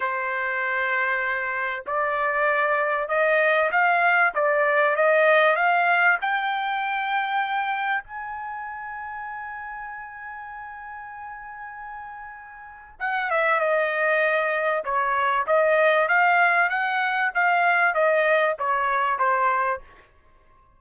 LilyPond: \new Staff \with { instrumentName = "trumpet" } { \time 4/4 \tempo 4 = 97 c''2. d''4~ | d''4 dis''4 f''4 d''4 | dis''4 f''4 g''2~ | g''4 gis''2.~ |
gis''1~ | gis''4 fis''8 e''8 dis''2 | cis''4 dis''4 f''4 fis''4 | f''4 dis''4 cis''4 c''4 | }